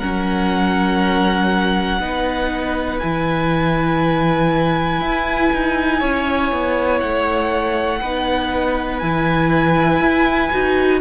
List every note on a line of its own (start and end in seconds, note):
0.00 2.00 F#3
0.00 2.01 C#4
0.00 2.00 A#4
0.00 2.99 F#5
2.00 3.00 B3
2.00 3.01 D#4
2.00 6.00 B4
2.99 5.01 E3
2.99 8.02 E4
2.99 6.99 G#5
5.01 5.51 E4
5.54 6.02 D#4
6.00 6.52 C#4
6.00 8.00 C#5
6.52 7.02 B3
7.00 8.02 A3
7.00 9.00 F#5
8.02 9.02 B3
8.02 9.02 D#4
8.02 11.01 B4
9.00 10.01 E3
9.00 10.52 E4
9.00 11.00 G#5
10.01 10.51 E4
10.52 11.01 D#4
10.52 11.01 F#4